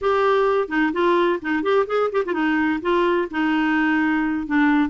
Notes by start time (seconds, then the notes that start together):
0.01 G4
0.68 D#4
0.93 F4
1.41 D#4
1.62 G4
1.86 G#4
2.12 G4
2.25 F4
2.33 D#4
2.81 F4
3.30 D#4
4.46 D4